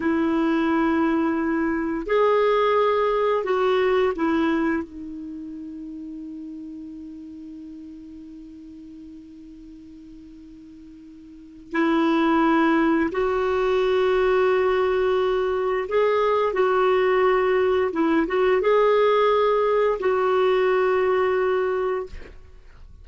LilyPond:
\new Staff \with { instrumentName = "clarinet" } { \time 4/4 \tempo 4 = 87 e'2. gis'4~ | gis'4 fis'4 e'4 dis'4~ | dis'1~ | dis'1~ |
dis'4 e'2 fis'4~ | fis'2. gis'4 | fis'2 e'8 fis'8 gis'4~ | gis'4 fis'2. | }